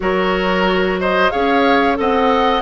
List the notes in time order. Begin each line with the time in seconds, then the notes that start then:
0.00 F#3 F#4 A#4 C#5
1.00 C5 D#5
1.30 C#4 G#4 C#5 F5
1.95 C4 A4 D#5 F#5